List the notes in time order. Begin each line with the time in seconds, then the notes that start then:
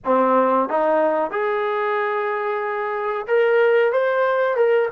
0.04 C4
0.68 D#4
1.30 G#4
3.27 A#4
3.92 C5
4.56 A#4